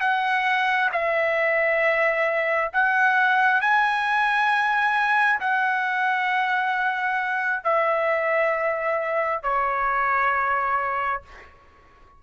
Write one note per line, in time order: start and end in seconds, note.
0.00 0.90 F#5
0.92 2.71 E5
2.73 3.60 F#5
3.60 5.39 G#5
5.40 7.63 F#5
7.63 9.42 E5
9.43 11.22 C#5